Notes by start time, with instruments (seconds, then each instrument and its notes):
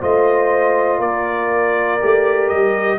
0.00 tuba A3, trombone F4, horn C5, trumpet D#5
0.99 tuba A#3, horn A#4, trumpet D5
2.00 tuba A3, trombone G4
2.49 tuba G3, trumpet D#5